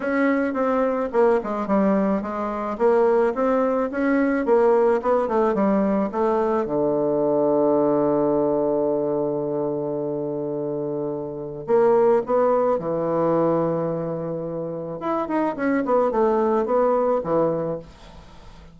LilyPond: \new Staff \with { instrumentName = "bassoon" } { \time 4/4 \tempo 4 = 108 cis'4 c'4 ais8 gis8 g4 | gis4 ais4 c'4 cis'4 | ais4 b8 a8 g4 a4 | d1~ |
d1~ | d4 ais4 b4 e4~ | e2. e'8 dis'8 | cis'8 b8 a4 b4 e4 | }